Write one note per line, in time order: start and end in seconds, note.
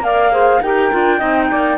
0.00 0.59 A#3
0.00 0.31 A#4
0.00 0.32 D5
0.00 0.62 F5
0.32 0.61 G#4
0.32 0.62 C5
0.62 0.92 D#4
0.62 0.92 G4
0.62 1.18 A#4
0.62 1.78 G5
0.92 1.22 D4
0.92 1.19 F4
1.18 1.51 C4
1.18 1.78 D#4
1.18 1.47 D#5
1.50 1.78 A#3
1.50 1.78 D5